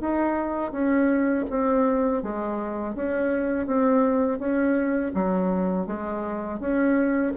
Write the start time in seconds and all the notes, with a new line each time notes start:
0.00 D#4
0.72 C#4
1.50 C4
2.23 G#3
2.95 C#4
3.66 C4
4.39 C#4
5.14 F#3
5.87 G#3
6.60 C#4